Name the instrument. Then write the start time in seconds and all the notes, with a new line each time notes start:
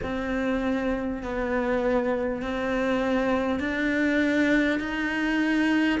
cello
0.03 C4
1.22 B3
2.42 C4
3.59 D4
4.79 D#4